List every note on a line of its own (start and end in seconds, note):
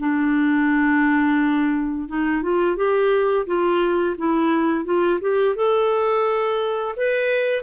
0.00 2.09 D4
2.09 2.42 D#4
2.42 2.77 F4
2.77 3.46 G4
3.47 4.16 F4
4.18 4.85 E4
4.85 5.20 F4
5.21 5.56 G4
5.56 6.95 A4
6.96 7.63 B4